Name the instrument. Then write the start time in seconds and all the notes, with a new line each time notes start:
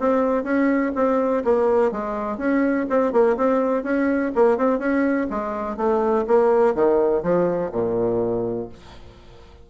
bassoon
0.00 C4
0.44 C#4
0.95 C4
1.45 A#3
1.92 G#3
2.38 C#4
2.90 C4
3.13 A#3
3.37 C4
3.84 C#4
4.35 A#3
4.58 C4
4.79 C#4
5.30 G#3
5.77 A3
6.28 A#3
6.75 D#3
7.23 F3
7.72 A#2